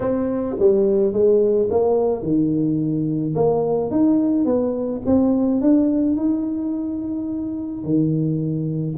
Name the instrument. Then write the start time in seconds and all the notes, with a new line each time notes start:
tuba
0.00 C4
0.59 G3
1.12 G#3
1.70 A#3
2.22 D#3
3.35 A#3
3.90 D#4
4.45 B3
5.06 C4
5.61 D4
6.16 D#4
7.84 D#3